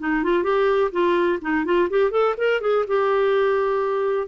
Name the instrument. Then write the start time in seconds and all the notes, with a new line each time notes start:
clarinet
0.00 D#4
0.24 F4
0.44 G4
0.92 F4
1.42 D#4
1.65 F4
1.90 G4
2.12 A4
2.38 A#4
2.62 G#4
2.88 G4